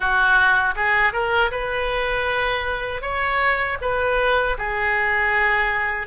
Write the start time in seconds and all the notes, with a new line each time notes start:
0.00 F#4
0.75 G#4
1.13 A#4
1.51 B4
3.01 C#5
3.81 B4
4.58 G#4